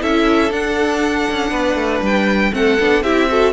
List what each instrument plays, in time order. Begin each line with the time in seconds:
0.00 cello C#4, viola E4, violin A4 E5
0.51 viola D4, cello D4, violin F#5
1.31 cello C#4
1.51 cello B3, violin B4
1.75 cello A3
2.02 cello G3, violin G5
2.52 cello A3, viola C4, violin A4 F#5
2.80 cello B3, viola D4
3.03 cello C4, viola E4, violin G4 E5
3.29 viola F#4, violin A4